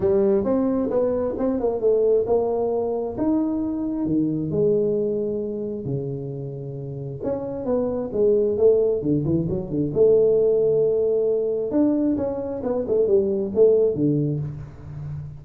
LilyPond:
\new Staff \with { instrumentName = "tuba" } { \time 4/4 \tempo 4 = 133 g4 c'4 b4 c'8 ais8 | a4 ais2 dis'4~ | dis'4 dis4 gis2~ | gis4 cis2. |
cis'4 b4 gis4 a4 | d8 e8 fis8 d8 a2~ | a2 d'4 cis'4 | b8 a8 g4 a4 d4 | }